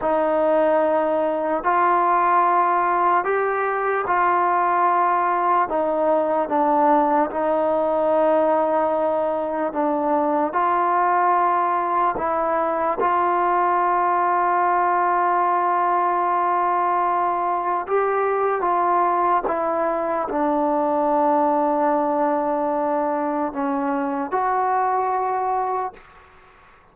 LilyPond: \new Staff \with { instrumentName = "trombone" } { \time 4/4 \tempo 4 = 74 dis'2 f'2 | g'4 f'2 dis'4 | d'4 dis'2. | d'4 f'2 e'4 |
f'1~ | f'2 g'4 f'4 | e'4 d'2.~ | d'4 cis'4 fis'2 | }